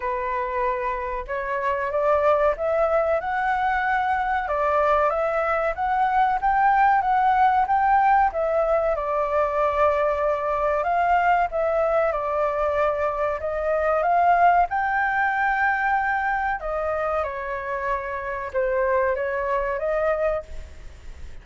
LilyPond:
\new Staff \with { instrumentName = "flute" } { \time 4/4 \tempo 4 = 94 b'2 cis''4 d''4 | e''4 fis''2 d''4 | e''4 fis''4 g''4 fis''4 | g''4 e''4 d''2~ |
d''4 f''4 e''4 d''4~ | d''4 dis''4 f''4 g''4~ | g''2 dis''4 cis''4~ | cis''4 c''4 cis''4 dis''4 | }